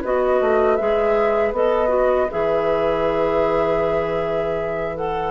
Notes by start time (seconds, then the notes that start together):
0.00 B3 F#4 B4 D#5
0.40 A3
0.75 G#3 G#4 E5
1.52 B3 A4 D#5
1.88 F#4
2.30 E3 G#4 E5
4.96 A4 F#5